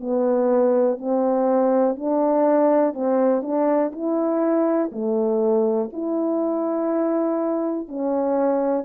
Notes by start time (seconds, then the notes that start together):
0.00 B3
0.98 C4
1.96 D4
2.94 C4
3.42 D4
3.93 E4
4.92 A3
5.92 E4
7.88 C#4